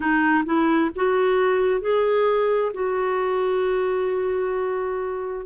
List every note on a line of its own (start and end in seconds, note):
0.00 0.44 D#4
0.45 0.90 E4
0.95 1.81 F#4
1.81 2.71 G#4
2.73 5.45 F#4